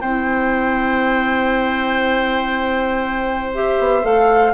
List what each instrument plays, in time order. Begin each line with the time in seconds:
0.00 bassoon C4, clarinet E4, oboe C5, flute G5
3.54 clarinet G4, flute E5
3.79 bassoon B3
4.03 bassoon A3, clarinet A4, flute F5